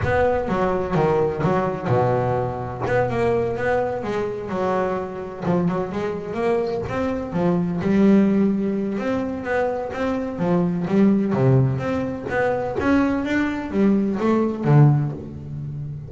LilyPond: \new Staff \with { instrumentName = "double bass" } { \time 4/4 \tempo 4 = 127 b4 fis4 dis4 fis4 | b,2 b8 ais4 b8~ | b8 gis4 fis2 f8 | fis8 gis4 ais4 c'4 f8~ |
f8 g2~ g8 c'4 | b4 c'4 f4 g4 | c4 c'4 b4 cis'4 | d'4 g4 a4 d4 | }